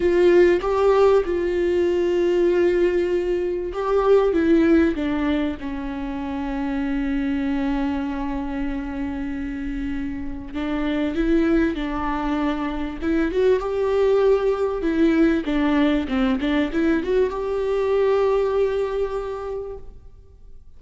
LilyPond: \new Staff \with { instrumentName = "viola" } { \time 4/4 \tempo 4 = 97 f'4 g'4 f'2~ | f'2 g'4 e'4 | d'4 cis'2.~ | cis'1~ |
cis'4 d'4 e'4 d'4~ | d'4 e'8 fis'8 g'2 | e'4 d'4 c'8 d'8 e'8 fis'8 | g'1 | }